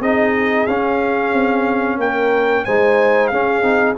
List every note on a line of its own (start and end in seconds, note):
0.00 0.66 C4
0.00 0.67 D#4
0.00 1.98 G#4
0.00 0.66 D#5
0.66 1.33 C#4
0.66 2.67 C#4
0.66 1.98 F5
1.33 1.97 C4
1.97 2.63 A#3
1.97 2.65 A#4
1.97 2.64 G5
2.64 3.31 G#3
2.64 3.33 D#4
2.64 3.30 C5
2.64 3.27 G#5
3.27 3.62 C#4
3.27 3.96 G#4
3.27 3.93 F5
3.62 3.95 C4
3.62 3.95 D#4